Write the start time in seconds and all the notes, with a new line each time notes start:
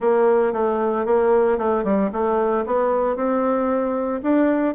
0.00 A#3
0.52 A3
1.05 A#3
1.58 A3
1.84 G3
2.12 A3
2.66 B3
3.16 C4
4.22 D4